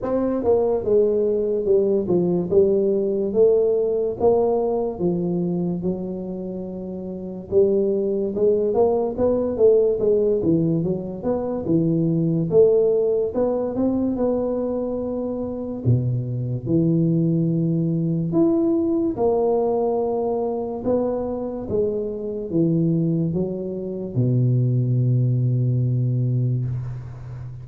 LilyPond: \new Staff \with { instrumentName = "tuba" } { \time 4/4 \tempo 4 = 72 c'8 ais8 gis4 g8 f8 g4 | a4 ais4 f4 fis4~ | fis4 g4 gis8 ais8 b8 a8 | gis8 e8 fis8 b8 e4 a4 |
b8 c'8 b2 b,4 | e2 e'4 ais4~ | ais4 b4 gis4 e4 | fis4 b,2. | }